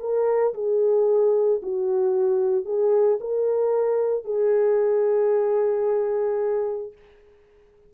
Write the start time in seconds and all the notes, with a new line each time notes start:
0.00 A#4
0.54 G#4
1.62 F#4
2.65 G#4
3.20 A#4
4.24 G#4